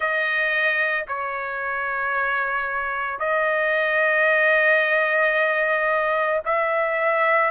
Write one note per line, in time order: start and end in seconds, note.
0.00 1.05 D#5
1.08 3.19 C#5
3.19 6.40 D#5
6.45 7.50 E5